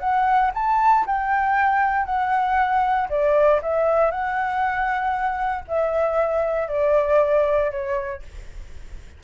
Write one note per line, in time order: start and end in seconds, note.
0.00 0.51 F#5
0.55 1.06 A5
1.07 2.06 G5
2.06 3.09 F#5
3.10 3.61 D5
3.63 4.11 E5
4.11 5.65 F#5
5.68 6.69 E5
6.69 7.71 D5
7.71 8.23 C#5